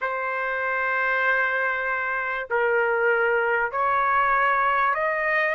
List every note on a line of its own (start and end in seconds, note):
0.01 2.48 C5
2.50 3.71 A#4
3.71 4.94 C#5
4.94 5.55 D#5